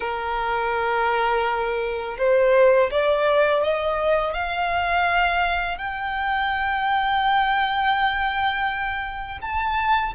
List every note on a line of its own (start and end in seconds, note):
0.00 2.17 A#4
2.18 2.90 C5
2.90 3.63 D5
3.63 4.33 D#5
4.33 5.77 F5
5.77 9.38 G5
9.41 10.13 A5